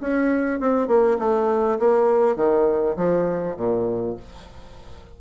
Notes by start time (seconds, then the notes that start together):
0.00 C#4
0.60 C4
0.87 A#3
1.18 A3
1.79 A#3
2.36 D#3
2.96 F3
3.56 A#2